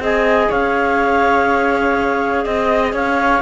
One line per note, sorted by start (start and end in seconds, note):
0.00 0.49 C4
0.00 3.42 G#4
0.00 0.50 D#5
0.00 0.51 G#5
0.50 2.46 C#4
0.50 2.44 C#5
0.50 2.45 F5
2.44 2.94 C4
2.44 2.93 D#5
2.44 2.94 D#5
2.93 3.42 C#4
2.93 3.42 C#5
2.93 3.42 F5